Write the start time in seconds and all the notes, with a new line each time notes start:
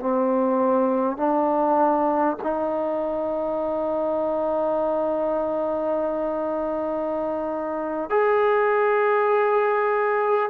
0.00 C4
1.17 D4
2.43 D#4
8.10 G#4